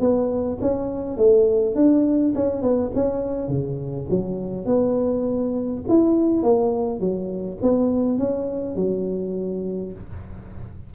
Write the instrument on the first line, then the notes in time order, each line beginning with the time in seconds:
tuba
0.00 B3
0.61 C#4
1.18 A3
1.76 D4
2.35 C#4
2.62 B3
2.95 C#4
3.48 C#3
4.10 F#3
4.66 B3
5.89 E4
6.43 A#3
7.00 F#3
7.62 B3
8.18 C#4
8.76 F#3